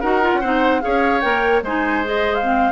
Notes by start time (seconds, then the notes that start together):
0.00 D#4 F#4 A#4 F#5
0.22 F4
0.34 C#4
0.40 C4 D#4 C5
0.81 C#4 G#4 C#5 F5
1.20 A#3 A#4 G5
1.62 G#3 D#4 C5 G#5
2.05 G#4 D#5
2.34 F5
2.42 C4